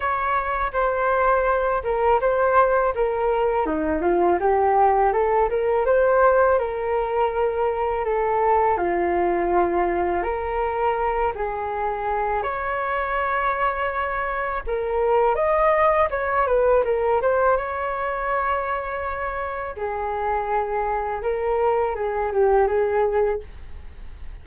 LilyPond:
\new Staff \with { instrumentName = "flute" } { \time 4/4 \tempo 4 = 82 cis''4 c''4. ais'8 c''4 | ais'4 dis'8 f'8 g'4 a'8 ais'8 | c''4 ais'2 a'4 | f'2 ais'4. gis'8~ |
gis'4 cis''2. | ais'4 dis''4 cis''8 b'8 ais'8 c''8 | cis''2. gis'4~ | gis'4 ais'4 gis'8 g'8 gis'4 | }